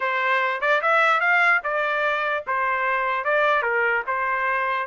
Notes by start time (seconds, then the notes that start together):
0.00 C5
0.60 D5
0.81 E5
1.20 F5
1.63 D5
2.46 C5
3.24 D5
3.62 A#4
4.06 C5